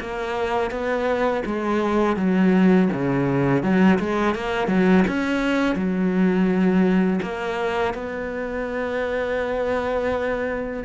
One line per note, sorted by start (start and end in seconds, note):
0.00 0.70 A#3
0.70 1.43 B3
1.45 2.16 G#3
2.16 2.88 F#3
2.92 3.62 C#3
3.62 3.99 F#3
3.99 4.34 G#3
4.34 4.68 A#3
4.68 5.04 F#3
5.07 5.75 C#4
5.75 7.20 F#3
7.22 7.94 A#3
7.94 10.83 B3